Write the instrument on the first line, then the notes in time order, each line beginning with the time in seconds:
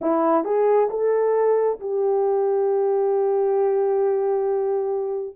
horn
0.01 E4
0.44 G#4
0.90 A4
1.80 G4